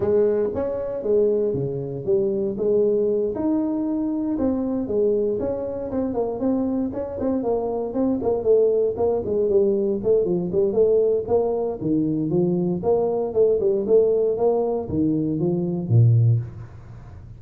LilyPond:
\new Staff \with { instrumentName = "tuba" } { \time 4/4 \tempo 4 = 117 gis4 cis'4 gis4 cis4 | g4 gis4. dis'4.~ | dis'8 c'4 gis4 cis'4 c'8 | ais8 c'4 cis'8 c'8 ais4 c'8 |
ais8 a4 ais8 gis8 g4 a8 | f8 g8 a4 ais4 dis4 | f4 ais4 a8 g8 a4 | ais4 dis4 f4 ais,4 | }